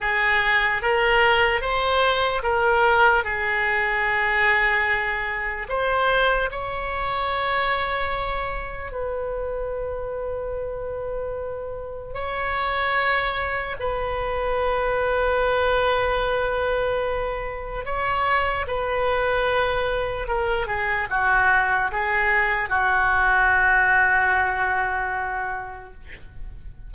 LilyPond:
\new Staff \with { instrumentName = "oboe" } { \time 4/4 \tempo 4 = 74 gis'4 ais'4 c''4 ais'4 | gis'2. c''4 | cis''2. b'4~ | b'2. cis''4~ |
cis''4 b'2.~ | b'2 cis''4 b'4~ | b'4 ais'8 gis'8 fis'4 gis'4 | fis'1 | }